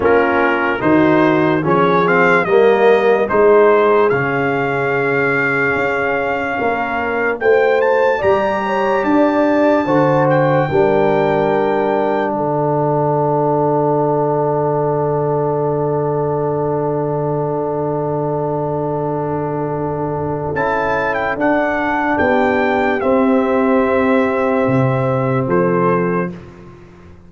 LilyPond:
<<
  \new Staff \with { instrumentName = "trumpet" } { \time 4/4 \tempo 4 = 73 ais'4 c''4 cis''8 f''8 dis''4 | c''4 f''2.~ | f''4 g''8 a''8 ais''4 a''4~ | a''8 g''2~ g''8 fis''4~ |
fis''1~ | fis''1~ | fis''4 a''8. g''16 fis''4 g''4 | e''2. c''4 | }
  \new Staff \with { instrumentName = "horn" } { \time 4/4 f'4 fis'4 gis'4 ais'4 | gis'1 | ais'4 c''4 d''8 cis''8 d''4 | c''4 ais'2 a'4~ |
a'1~ | a'1~ | a'2. g'4~ | g'2. a'4 | }
  \new Staff \with { instrumentName = "trombone" } { \time 4/4 cis'4 dis'4 cis'8 c'8 ais4 | dis'4 cis'2.~ | cis'4 fis'4 g'2 | fis'4 d'2.~ |
d'1~ | d'1~ | d'4 e'4 d'2 | c'1 | }
  \new Staff \with { instrumentName = "tuba" } { \time 4/4 ais4 dis4 f4 g4 | gis4 cis2 cis'4 | ais4 a4 g4 d'4 | d4 g2 d4~ |
d1~ | d1~ | d4 cis'4 d'4 b4 | c'2 c4 f4 | }
>>